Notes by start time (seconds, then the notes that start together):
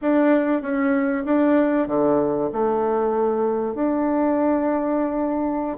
0.01 D4
0.61 C#4
1.25 D4
1.87 D3
2.52 A3
3.74 D4